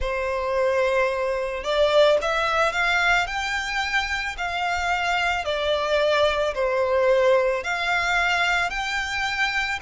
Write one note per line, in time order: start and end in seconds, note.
0.00 1.63 C5
1.63 2.18 D5
2.21 2.72 E5
2.72 3.26 F5
3.26 4.35 G5
4.37 5.44 F5
5.44 6.54 D5
6.54 7.63 C5
7.63 8.70 F5
8.70 9.79 G5